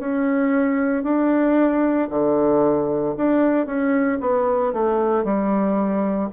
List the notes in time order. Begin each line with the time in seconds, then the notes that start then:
0.00 C#4
1.03 D4
2.10 D3
3.17 D4
3.67 C#4
4.21 B3
4.74 A3
5.24 G3